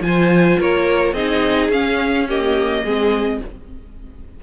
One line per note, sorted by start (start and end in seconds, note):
0.00 0.57 F3
0.00 1.15 F4
0.00 0.59 G#5
0.07 0.59 C5
0.59 1.12 A#3
0.59 1.14 A#4
0.59 1.13 C#5
1.12 1.69 C4
1.12 1.72 D#4
1.12 2.27 G#4
1.12 1.70 D#5
1.69 2.82 C#4
1.69 2.29 C#4
1.69 2.27 F5
2.28 2.86 A#3
2.28 2.84 G4
2.28 3.42 D#5
2.83 3.40 G#3
2.83 3.42 C4
2.83 3.40 G#4